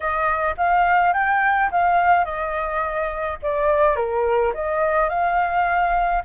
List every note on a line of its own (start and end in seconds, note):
0.00 0.55 D#5
0.57 1.13 F5
1.13 1.70 G5
1.71 2.24 F5
2.24 3.38 D#5
3.42 3.96 D5
3.96 4.52 A#4
4.53 5.09 D#5
5.09 6.22 F5